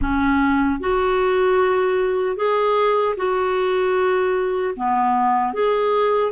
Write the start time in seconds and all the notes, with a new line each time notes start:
0.01 C#4
0.80 F#4
2.36 G#4
3.16 F#4
4.76 B3
5.53 G#4